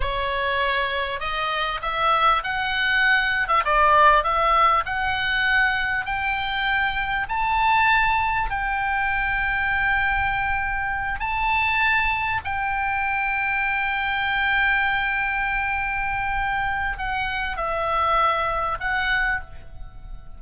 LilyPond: \new Staff \with { instrumentName = "oboe" } { \time 4/4 \tempo 4 = 99 cis''2 dis''4 e''4 | fis''4.~ fis''16 e''16 d''4 e''4 | fis''2 g''2 | a''2 g''2~ |
g''2~ g''8 a''4.~ | a''8 g''2.~ g''8~ | g''1 | fis''4 e''2 fis''4 | }